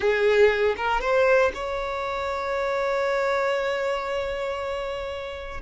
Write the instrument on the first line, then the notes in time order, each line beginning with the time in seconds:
violin
0.00 G#4
0.76 A#4
1.00 C5
1.54 C#5